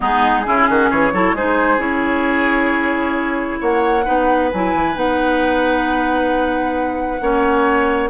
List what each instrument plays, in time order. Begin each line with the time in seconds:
0.00 bassoon G#3, clarinet B3, oboe D#4, flute G#4
0.45 bassoon C#3, clarinet C#4, oboe E4
0.69 bassoon D#3, oboe F#4
0.90 bassoon E3, oboe G#4, flute C#5
1.12 bassoon F#3, clarinet E4, oboe A4
1.33 bassoon G#3, clarinet D#4, oboe G#4, flute C5
1.78 bassoon C#4, clarinet E4, flute C#5
3.60 bassoon A#3, oboe C#5, flute F#5
4.04 bassoon B3, clarinet D#4, oboe B4
4.52 bassoon F#3, clarinet E4, flute G#5
4.73 bassoon E3
4.94 bassoon B3, clarinet D#4, flute F#5
7.20 bassoon A#3, clarinet C#4, oboe C#5